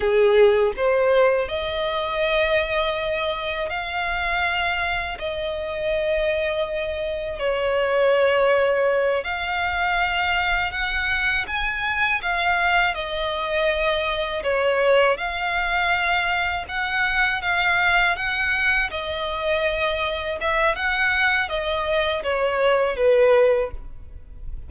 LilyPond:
\new Staff \with { instrumentName = "violin" } { \time 4/4 \tempo 4 = 81 gis'4 c''4 dis''2~ | dis''4 f''2 dis''4~ | dis''2 cis''2~ | cis''8 f''2 fis''4 gis''8~ |
gis''8 f''4 dis''2 cis''8~ | cis''8 f''2 fis''4 f''8~ | f''8 fis''4 dis''2 e''8 | fis''4 dis''4 cis''4 b'4 | }